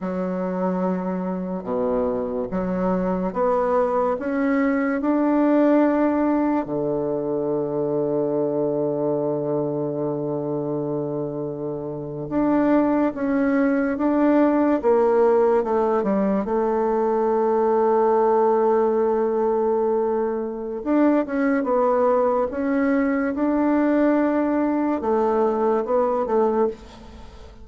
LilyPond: \new Staff \with { instrumentName = "bassoon" } { \time 4/4 \tempo 4 = 72 fis2 b,4 fis4 | b4 cis'4 d'2 | d1~ | d2~ d8. d'4 cis'16~ |
cis'8. d'4 ais4 a8 g8 a16~ | a1~ | a4 d'8 cis'8 b4 cis'4 | d'2 a4 b8 a8 | }